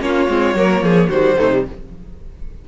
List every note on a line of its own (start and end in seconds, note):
0.00 0.27 A#3
0.00 0.27 C#4
0.00 0.57 F4
0.00 1.10 C#5
0.28 0.55 G#3
0.28 0.55 C4
0.55 0.81 F#3
0.55 1.10 A#3
0.55 0.84 A#4
0.81 1.08 F3
0.81 1.09 G#4
1.09 1.37 D#3
1.09 1.37 G3
1.09 1.36 F#4
1.09 1.64 C5
1.37 1.68 C3
1.37 1.51 A3
1.37 1.64 D#4
1.52 1.66 G3